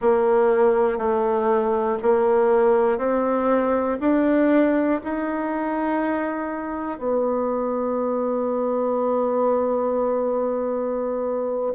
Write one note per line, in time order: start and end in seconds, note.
0.01 0.97 A#3
0.97 1.97 A3
2.02 2.97 A#3
2.97 3.98 C4
4.00 5.00 D4
5.04 6.98 D#4
6.98 11.73 B3